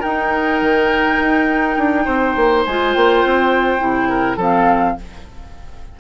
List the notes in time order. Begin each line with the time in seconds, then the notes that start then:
0.00 D#4 A#4 G5
0.62 D#3
1.20 D#4
1.77 D4
2.05 C4 C5
2.36 A#3
2.66 G#3 F4 G#5
2.94 A#3 G5
3.25 C4
3.79 C3 E4
4.09 A#4
4.37 F3 C4 A4 F5